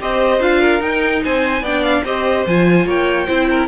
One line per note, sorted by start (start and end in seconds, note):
0.00 0.40 C4
0.00 0.40 G4
0.00 0.60 C5
0.00 0.42 D#5
0.40 0.80 D4
0.40 0.80 F4
0.40 0.82 F5
0.60 1.22 A#4
0.80 1.62 D#4
0.80 1.21 D#4
0.80 1.23 G5
1.24 1.61 C4
1.24 1.62 C5
1.24 1.65 G#5
1.61 2.02 B3
1.61 2.05 D4
1.61 2.03 D5
1.61 1.83 G5
1.83 2.03 F5
2.04 2.45 C4
2.04 2.46 G4
2.04 2.86 C5
2.04 2.46 D#5
2.46 2.86 F3
2.46 3.27 F4
2.46 2.88 G#5
2.86 3.27 A#3
2.86 3.26 C#5
2.86 3.67 G5
3.26 3.67 C4
3.26 3.67 E4
3.26 3.47 C5
3.50 3.67 A#4